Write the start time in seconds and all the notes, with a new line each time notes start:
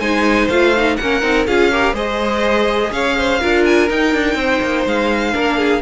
0.00 G#3 D#4 C5 G#5
0.49 A3 F4 F5
0.77 D#4
0.96 A#3 C#4 A#4 F#5
1.22 C4 D#4
1.47 C#4 F4 G#4 F5
1.72 G4 A#4
1.93 G#3 G#4 C5 D#5
2.92 C#4 C#5 F5
3.18 C5
3.41 D4 F4 A#4
3.65 G#5
3.90 D#4 G5
4.14 D4
4.35 C4 C5
4.62 A#3
4.86 G#3 F5
5.33 A#3 D4 A#4
5.58 G#4